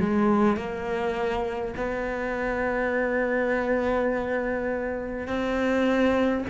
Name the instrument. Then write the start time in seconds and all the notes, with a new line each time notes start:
cello
0.00 G#3
0.57 A#3
1.76 B3
5.27 C4